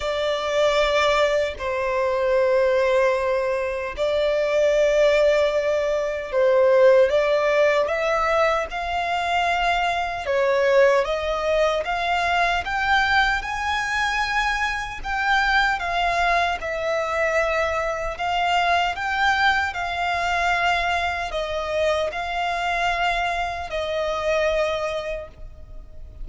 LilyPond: \new Staff \with { instrumentName = "violin" } { \time 4/4 \tempo 4 = 76 d''2 c''2~ | c''4 d''2. | c''4 d''4 e''4 f''4~ | f''4 cis''4 dis''4 f''4 |
g''4 gis''2 g''4 | f''4 e''2 f''4 | g''4 f''2 dis''4 | f''2 dis''2 | }